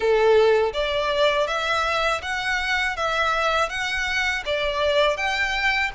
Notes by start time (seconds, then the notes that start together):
0.00 A4
0.73 D5
1.47 E5
2.22 F#5
2.96 E5
3.69 F#5
4.45 D5
5.16 G5